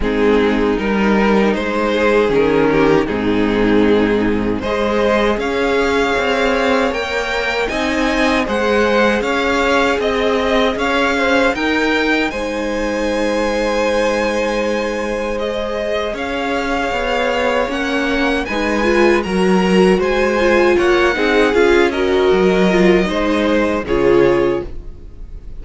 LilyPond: <<
  \new Staff \with { instrumentName = "violin" } { \time 4/4 \tempo 4 = 78 gis'4 ais'4 c''4 ais'4 | gis'2 dis''4 f''4~ | f''4 g''4 gis''4 fis''4 | f''4 dis''4 f''4 g''4 |
gis''1 | dis''4 f''2 fis''4 | gis''4 ais''4 gis''4 fis''4 | f''8 dis''2~ dis''8 cis''4 | }
  \new Staff \with { instrumentName = "violin" } { \time 4/4 dis'2~ dis'8 gis'4 g'8 | dis'2 c''4 cis''4~ | cis''2 dis''4 c''4 | cis''4 dis''4 cis''8 c''8 ais'4 |
c''1~ | c''4 cis''2. | b'4 ais'4 c''4 cis''8 gis'8~ | gis'8 ais'4. c''4 gis'4 | }
  \new Staff \with { instrumentName = "viola" } { \time 4/4 c'4 dis'2 cis'4 | c'2 gis'2~ | gis'4 ais'4 dis'4 gis'4~ | gis'2. dis'4~ |
dis'1 | gis'2. cis'4 | dis'8 f'8 fis'4. f'4 dis'8 | f'8 fis'4 f'8 dis'4 f'4 | }
  \new Staff \with { instrumentName = "cello" } { \time 4/4 gis4 g4 gis4 dis4 | gis,2 gis4 cis'4 | c'4 ais4 c'4 gis4 | cis'4 c'4 cis'4 dis'4 |
gis1~ | gis4 cis'4 b4 ais4 | gis4 fis4 gis4 ais8 c'8 | cis'4 fis4 gis4 cis4 | }
>>